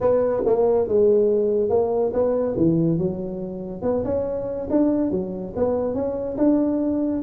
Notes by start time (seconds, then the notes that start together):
0.00 B3
0.46 A#3
0.88 G#3
1.69 A#3
2.13 B3
2.56 E3
2.98 F#3
3.82 B3
4.04 C#4
4.69 D4
5.11 F#3
5.56 B3
5.94 C#4
6.37 D4